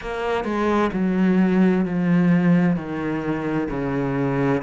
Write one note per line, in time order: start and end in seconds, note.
0.01 0.44 A#3
0.44 0.90 G#3
0.92 1.85 F#3
1.85 2.76 F3
2.76 3.68 D#3
3.69 4.62 C#3